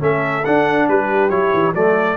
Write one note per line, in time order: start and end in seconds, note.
0.00 0.45 A3
0.00 0.43 C#4
0.00 0.87 A4
0.00 0.45 E5
0.45 1.31 D4
0.45 0.89 D4
0.45 0.88 F#5
0.89 1.30 G3
0.89 1.75 G4
0.89 1.30 B4
1.30 1.52 F#3
1.30 1.74 E4
1.30 1.73 C#5
1.54 1.74 E3
1.74 2.17 F#3
1.74 2.18 A3
1.74 2.18 A4
1.74 2.18 D5